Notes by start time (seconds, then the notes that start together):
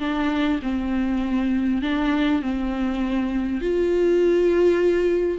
0.00 D4
0.63 C4
1.82 D4
2.42 C4
3.62 F4